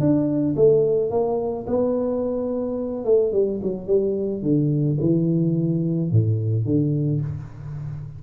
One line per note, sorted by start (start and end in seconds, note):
0.00 0.56 D4
0.56 1.10 A3
1.10 1.66 A#3
1.67 3.05 B3
3.05 3.33 A3
3.33 3.60 G3
3.63 3.87 F#3
3.87 4.43 G3
4.43 4.98 D3
5.00 6.11 E3
6.11 6.65 A2
6.65 7.21 D3